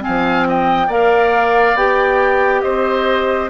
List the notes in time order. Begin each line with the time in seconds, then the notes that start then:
0.00 C4 F5 G#5
0.08 F3
0.49 D#5 G5
0.88 A#3 A#4 D5 F5
1.76 B3 G4 G5
2.62 C4 C5 D#5